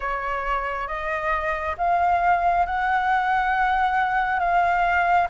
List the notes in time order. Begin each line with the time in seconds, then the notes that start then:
0.00 C#5
0.87 D#5
1.77 F5
2.66 F#5
4.39 F5